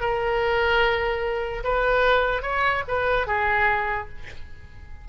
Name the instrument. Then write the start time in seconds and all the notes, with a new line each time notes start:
oboe
0.00 A#4
1.64 B4
2.42 C#5
2.88 B4
3.27 G#4